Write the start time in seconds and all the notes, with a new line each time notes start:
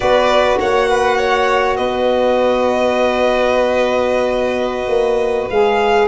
0.00 B3 F#4 B4 D5
0.59 A#3 C#5 F#5
0.89 B4
1.17 C#5
1.76 B3 B4 D#5
4.87 A#3
5.49 G#3 G#4 F5